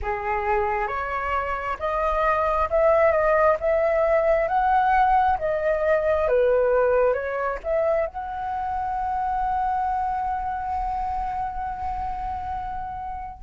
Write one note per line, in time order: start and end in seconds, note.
0.02 0.87 G#4
0.87 1.77 C#5
1.79 2.69 D#5
2.70 3.11 E5
3.11 3.56 D#5
3.59 4.48 E5
4.48 5.37 F#5
5.38 6.27 D#5
6.28 7.13 B4
7.13 7.58 C#5
7.63 8.06 E5
8.06 13.42 F#5